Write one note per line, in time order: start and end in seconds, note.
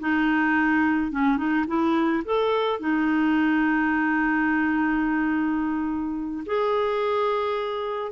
0.00 1.11 D#4
1.11 1.37 C#4
1.37 1.65 D#4
1.67 2.23 E4
2.25 2.79 A4
2.79 6.44 D#4
6.46 8.12 G#4